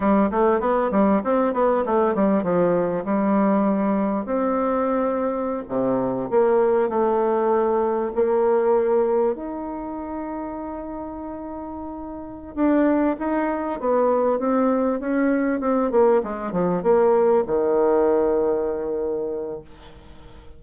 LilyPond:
\new Staff \with { instrumentName = "bassoon" } { \time 4/4 \tempo 4 = 98 g8 a8 b8 g8 c'8 b8 a8 g8 | f4 g2 c'4~ | c'4~ c'16 c4 ais4 a8.~ | a4~ a16 ais2 dis'8.~ |
dis'1~ | dis'8 d'4 dis'4 b4 c'8~ | c'8 cis'4 c'8 ais8 gis8 f8 ais8~ | ais8 dis2.~ dis8 | }